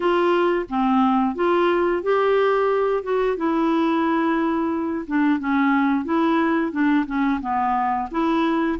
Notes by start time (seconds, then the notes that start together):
0.00 F4
0.69 C4
1.35 F4
2.02 G4
3.03 F#4
3.36 E4
5.07 D4
5.39 C#4
6.05 E4
6.72 D4
7.06 C#4
7.41 B3
8.11 E4